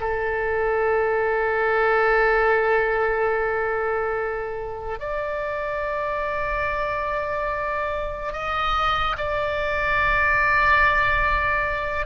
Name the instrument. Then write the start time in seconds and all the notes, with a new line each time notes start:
oboe
0.00 A4
4.99 D5
8.33 D#5
9.17 D5